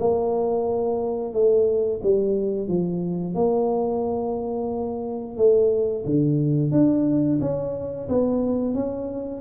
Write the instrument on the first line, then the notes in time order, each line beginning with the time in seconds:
tuba
0.00 A#3
1.34 A3
2.03 G3
2.68 F3
3.35 A#3
5.37 A3
6.06 D3
6.72 D4
7.41 C#4
8.09 B3
8.75 C#4